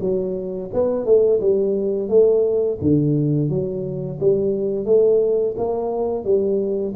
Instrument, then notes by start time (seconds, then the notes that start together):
tuba
0.00 F#3
0.73 B3
1.05 A3
1.40 G3
2.08 A3
2.81 D3
3.49 F#3
4.19 G3
4.85 A3
5.57 A#3
6.24 G3